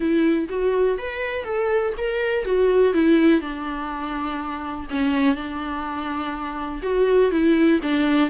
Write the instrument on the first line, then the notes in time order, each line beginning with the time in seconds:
viola
0.00 E4
0.49 F#4
0.98 B4
1.44 A4
1.97 A#4
2.45 F#4
2.93 E4
3.40 D4
4.90 C#4
5.35 D4
6.82 F#4
7.31 E4
7.82 D4